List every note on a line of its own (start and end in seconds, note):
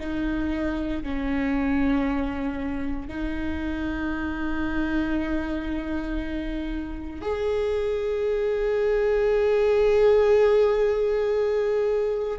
0.00 1.03 D#4
1.03 3.08 C#4
3.08 7.22 D#4
7.22 12.39 G#4